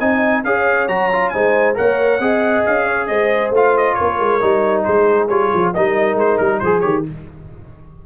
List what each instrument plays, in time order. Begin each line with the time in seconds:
0.00 tuba C4, trombone D#4, horn D#5, trumpet G#5
0.44 tuba C#4, trombone G#4, horn C#5, trumpet F5
0.89 tuba F#3, trombone F#4, trumpet A#5
1.13 trombone F4
1.30 tuba G#3, trombone D#4, horn C5, trumpet G#5
1.75 tuba A#3, trombone A#4, horn C#5, trumpet F#5
2.20 tuba C4, trombone G#4, horn D#5
2.66 tuba C#4, trumpet F5
2.85 horn C#5
3.07 tuba G#3, horn C5, trumpet D#5
3.51 tuba A3, trombone F4, trumpet F5
3.78 trumpet D#5
3.95 horn A#4, trumpet C#5
4.01 tuba A#3
4.20 tuba G#3
4.41 tuba G3, trombone D#4
4.85 tuba G#3, horn G#4, trumpet C5
5.29 tuba G3, trombone F4, trumpet C#5
5.54 tuba F3
5.75 tuba G3, trombone D#4, horn A#4, trumpet D#5
6.15 tuba G#3, trumpet C5
6.38 tuba G3, trumpet A#4
6.60 tuba F3, horn G#4, trombone G#4, trumpet C5
6.81 tuba D#3, trombone G4, trumpet C#5